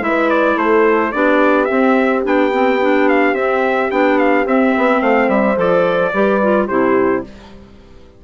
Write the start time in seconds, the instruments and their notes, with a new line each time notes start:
0.00 bassoon G#3, clarinet E4, horn B4, trumpet E5
0.30 trumpet D5
0.56 bassoon A3, horn A4, trumpet C5
1.12 bassoon B3, clarinet D4, horn G4, trumpet D5
1.65 clarinet C4, bassoon C4, trumpet E5
2.23 bassoon B3, clarinet D4, trumpet G5
2.51 clarinet C4
2.81 clarinet D4
3.09 trumpet F5
3.33 bassoon C4, clarinet C4, trumpet E5
3.91 bassoon B3, clarinet D4, trumpet G5
4.18 trumpet F5
4.45 bassoon C4, clarinet C4, trumpet E5
4.77 bassoon B3
5.01 bassoon A3, horn C5, trumpet F5
5.28 bassoon G3, trumpet E5
5.56 bassoon F3, clarinet A4, trumpet D5
6.13 bassoon G3, clarinet G4, horn B4
6.42 clarinet F4
6.67 bassoon C3, clarinet E4, horn G4, trumpet C5